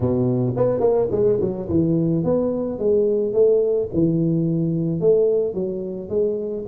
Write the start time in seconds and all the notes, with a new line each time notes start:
0.00 B2
0.56 B3
0.80 A#3
1.11 G#3
1.40 F#3
1.68 E3
2.23 B3
2.79 G#3
3.33 A3
3.93 E3
5.00 A3
5.54 F#3
6.09 G#3